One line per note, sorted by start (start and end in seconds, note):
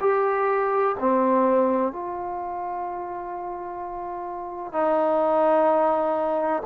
0.00 0.95 G4
1.00 1.93 C4
1.93 4.72 F4
4.72 6.63 D#4